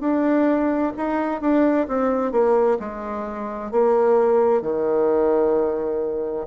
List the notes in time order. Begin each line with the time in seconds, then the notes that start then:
0.00 D4
0.97 D#4
1.41 D4
1.88 C4
2.32 A#3
2.79 G#3
3.71 A#3
4.62 D#3